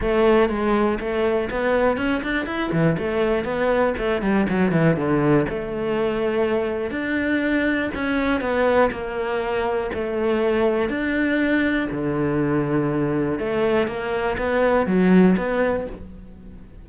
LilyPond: \new Staff \with { instrumentName = "cello" } { \time 4/4 \tempo 4 = 121 a4 gis4 a4 b4 | cis'8 d'8 e'8 e8 a4 b4 | a8 g8 fis8 e8 d4 a4~ | a2 d'2 |
cis'4 b4 ais2 | a2 d'2 | d2. a4 | ais4 b4 fis4 b4 | }